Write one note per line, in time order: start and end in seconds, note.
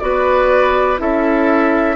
0.00 1.00 B3
0.00 0.97 F#4
0.00 1.01 B4
0.00 0.98 D5
0.97 1.97 C#4
0.97 1.96 E4
0.97 1.97 A4
0.97 1.97 E5